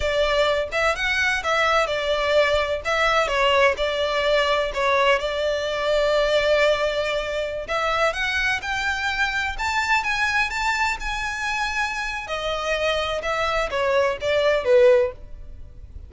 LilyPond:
\new Staff \with { instrumentName = "violin" } { \time 4/4 \tempo 4 = 127 d''4. e''8 fis''4 e''4 | d''2 e''4 cis''4 | d''2 cis''4 d''4~ | d''1~ |
d''16 e''4 fis''4 g''4.~ g''16~ | g''16 a''4 gis''4 a''4 gis''8.~ | gis''2 dis''2 | e''4 cis''4 d''4 b'4 | }